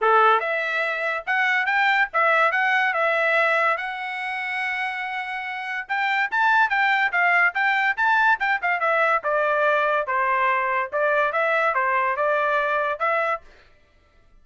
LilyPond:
\new Staff \with { instrumentName = "trumpet" } { \time 4/4 \tempo 4 = 143 a'4 e''2 fis''4 | g''4 e''4 fis''4 e''4~ | e''4 fis''2.~ | fis''2 g''4 a''4 |
g''4 f''4 g''4 a''4 | g''8 f''8 e''4 d''2 | c''2 d''4 e''4 | c''4 d''2 e''4 | }